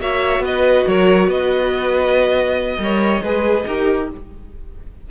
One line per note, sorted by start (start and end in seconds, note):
0.00 0.40 A#3
0.00 2.78 F#4
0.00 0.44 C#5
0.00 0.44 E5
0.40 0.82 B3
0.40 0.88 B4
0.40 0.88 D#5
0.88 1.28 F#3
0.88 1.28 A#4
0.88 1.31 C#5
1.28 2.78 B3
1.28 2.78 B4
1.28 4.09 D#5
2.78 3.22 G3
2.78 3.21 A#4
2.78 3.23 C#5
3.22 3.65 G#3
3.22 3.68 G#4
3.22 3.66 B4
3.67 4.10 D#4
3.67 4.11 G4
3.67 4.10 A#4